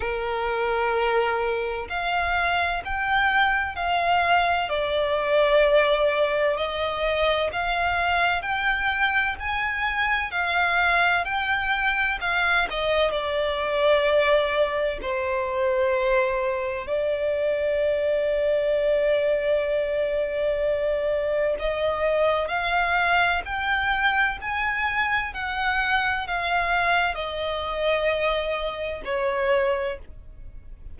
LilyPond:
\new Staff \with { instrumentName = "violin" } { \time 4/4 \tempo 4 = 64 ais'2 f''4 g''4 | f''4 d''2 dis''4 | f''4 g''4 gis''4 f''4 | g''4 f''8 dis''8 d''2 |
c''2 d''2~ | d''2. dis''4 | f''4 g''4 gis''4 fis''4 | f''4 dis''2 cis''4 | }